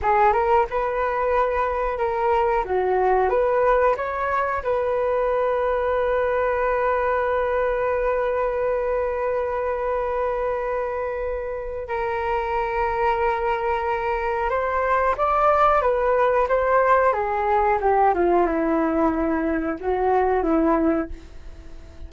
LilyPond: \new Staff \with { instrumentName = "flute" } { \time 4/4 \tempo 4 = 91 gis'8 ais'8 b'2 ais'4 | fis'4 b'4 cis''4 b'4~ | b'1~ | b'1~ |
b'2 ais'2~ | ais'2 c''4 d''4 | b'4 c''4 gis'4 g'8 f'8 | e'2 fis'4 e'4 | }